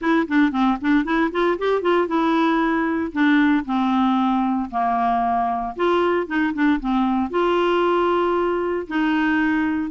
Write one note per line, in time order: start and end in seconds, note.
0.01 0.27 E4
0.28 0.51 D4
0.51 0.77 C4
0.81 1.04 D4
1.04 1.30 E4
1.31 1.57 F4
1.58 1.81 G4
1.81 2.07 F4
2.07 3.11 E4
3.12 3.64 D4
3.65 4.69 C4
4.70 5.75 A#3
5.75 6.26 F4
6.26 6.52 D#4
6.53 6.79 D4
6.79 7.30 C4
7.30 8.87 F4
8.87 9.90 D#4